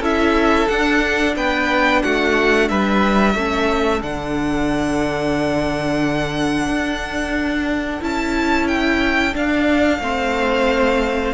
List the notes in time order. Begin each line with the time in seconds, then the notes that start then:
0.00 C#4 E4 A4 E5
0.68 D4 F#5
1.36 B3 B4 G5
2.02 A3 F#4 F#5
2.68 G3 B4 E5
3.34 A3 C#4 A4
4.01 D3 D4 F#5
6.67 D4
8.01 C#4 E4 A5
8.68 G5
9.33 D4 F5
9.99 A3 C4 C5